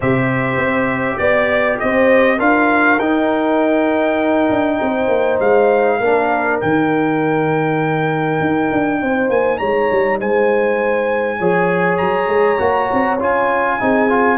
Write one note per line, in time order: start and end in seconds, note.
0.00 0.57 C3
0.00 2.38 G4
0.00 1.18 C5
0.00 1.17 E5
0.57 1.17 C4
1.17 1.79 B3
1.17 1.77 D5
1.17 1.80 D5
1.79 2.39 C4
1.79 2.37 C5
1.79 2.39 D#5
2.37 2.99 D4
2.37 2.98 F4
2.37 4.77 A#4
2.37 2.99 F5
2.99 4.49 D#4
2.99 6.01 D#4
2.99 5.39 G5
4.49 4.79 D4
4.81 5.08 C4
4.81 5.99 C5
5.08 5.38 A#3
5.40 6.00 G#3
5.40 6.59 F5
5.99 6.60 A#3
5.99 6.62 D4
5.99 8.99 A#4
6.60 8.40 D#3
6.60 11.41 D#4
6.60 9.30 G5
8.40 8.70 D#4
8.71 9.01 D4
9.01 9.29 C4
9.01 9.58 C5
9.29 9.59 A#3
9.29 9.58 G#5
9.58 9.90 G#3
9.58 10.18 C#5
9.58 10.18 A#5
9.91 10.20 G3
10.19 11.40 G#3
10.19 11.38 C5
10.19 11.97 G#5
11.38 12.00 F3
11.38 12.58 G#4
11.38 13.78 C#5
11.97 12.27 F#3
11.97 13.17 A#5
12.27 12.57 G#3
12.58 12.89 A#3
12.58 13.18 F#4
12.92 13.21 C4
13.19 13.80 C#4
13.19 13.79 F4
13.19 14.37 G#5
13.79 14.37 C4
13.79 14.09 D#4
13.79 14.37 G#4
14.09 14.37 F4